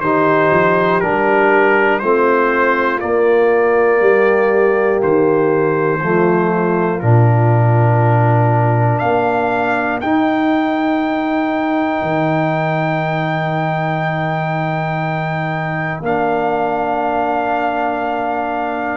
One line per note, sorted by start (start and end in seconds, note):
0.00 0.50 D#3
0.00 1.02 D#4
0.00 2.01 G4
0.00 1.00 C5
0.51 1.01 F3
1.00 2.02 G3
1.00 2.02 D4
1.00 1.99 A#4
1.99 3.02 A3
1.99 2.99 C4
1.99 4.00 F4
1.99 2.99 C5
2.99 5.99 A#3
2.99 4.01 A#3
2.99 5.00 D5
4.00 5.01 G3
4.00 6.00 G4
5.02 6.02 D#3
5.02 6.99 C5
6.01 7.02 F3
6.01 7.01 A3
6.01 9.01 F4
6.99 9.02 A#2
6.99 10.02 D4
6.99 8.99 A#4
8.99 10.02 A#3
8.99 18.97 A#4
8.99 9.99 F5
10.00 12.01 D#4
10.00 16.03 D#4
10.00 16.00 G5
12.01 16.01 D#3
16.01 18.97 A#3
16.01 18.97 D4
16.01 18.97 F5